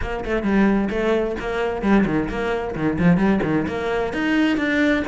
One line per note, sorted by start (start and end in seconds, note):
0.01 0.24 A#3
0.24 0.42 A3
0.42 0.88 G3
0.90 1.36 A3
1.39 1.82 A#3
1.82 2.04 G3
2.05 2.28 D#3
2.29 2.74 A#3
2.75 2.98 D#3
2.99 3.17 F3
3.17 3.40 G3
3.43 3.66 D#3
3.67 4.13 A#3
4.13 4.57 D#4
4.57 5.03 D4